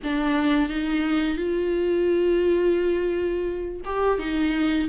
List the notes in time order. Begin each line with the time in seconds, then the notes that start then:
0.03 D4
0.69 D#4
1.37 F4
3.84 G4
4.18 D#4